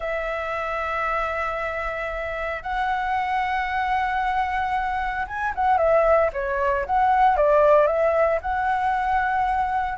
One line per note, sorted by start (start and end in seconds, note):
0.00 2.62 E5
2.62 5.25 F#5
5.27 5.53 G#5
5.55 5.77 F#5
5.77 6.30 E5
6.33 6.85 C#5
6.85 7.36 F#5
7.36 7.87 D5
7.87 8.39 E5
8.41 9.98 F#5